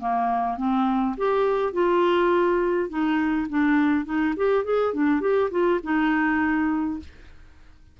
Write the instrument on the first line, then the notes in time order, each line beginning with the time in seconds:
clarinet
0.00 A#3
0.57 C4
1.17 G4
1.73 F4
2.89 D#4
3.50 D4
4.06 D#4
4.37 G4
4.65 G#4
4.94 D4
5.21 G4
5.51 F4
5.83 D#4